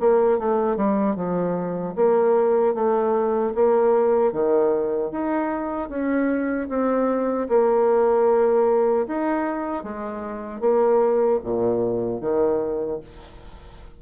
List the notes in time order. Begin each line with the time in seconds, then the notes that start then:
0.00 A#3
0.39 A3
0.76 G3
1.16 F3
1.96 A#3
2.75 A3
3.55 A#3
4.32 D#3
5.11 D#4
5.89 C#4
6.69 C4
7.49 A#3
9.08 D#4
9.84 G#3
10.61 A#3
11.44 A#2
12.21 D#3